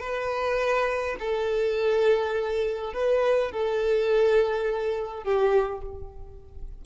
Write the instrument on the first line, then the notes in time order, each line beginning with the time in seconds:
violin
0.00 B4
1.20 A4
2.94 B4
3.52 A4
5.24 G4